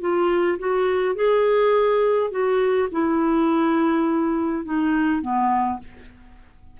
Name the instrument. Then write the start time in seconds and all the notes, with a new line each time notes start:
clarinet
0.00 F4
0.58 F#4
1.15 G#4
2.31 F#4
2.91 E4
4.64 D#4
5.21 B3